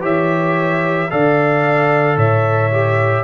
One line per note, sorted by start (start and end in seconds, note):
0.00 1.09 E3
0.00 1.07 G4
0.00 1.09 C#5
0.00 1.10 E5
1.10 2.16 D3
1.10 2.71 A4
1.10 2.17 D5
1.10 2.17 F5
2.16 3.23 A2
2.16 3.24 C#5
2.16 3.24 E5
2.71 3.24 G4